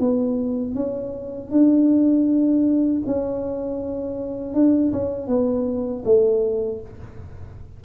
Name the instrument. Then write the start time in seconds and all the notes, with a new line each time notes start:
tuba
0.00 B3
0.75 C#4
1.51 D4
3.07 C#4
4.54 D4
4.93 C#4
5.28 B3
6.05 A3